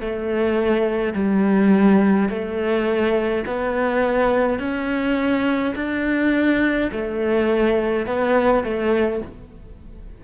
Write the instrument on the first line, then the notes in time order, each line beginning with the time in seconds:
cello
0.00 A3
1.13 G3
2.29 A3
3.46 B3
4.59 C#4
5.75 D4
6.92 A3
8.06 B3
8.64 A3